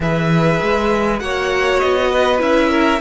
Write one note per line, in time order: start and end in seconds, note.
0.00 0.59 E3
0.00 1.20 G#4
0.00 1.22 B4
0.00 1.19 E5
0.61 1.21 G#3
1.19 1.81 A#3
1.19 2.38 F#4
1.19 2.10 C#5
1.19 1.79 F#5
1.79 2.40 B3
1.79 2.39 D#5
2.10 2.69 B4
2.38 3.00 C#4
2.38 2.98 E4
2.38 3.00 E5
2.69 2.99 A#4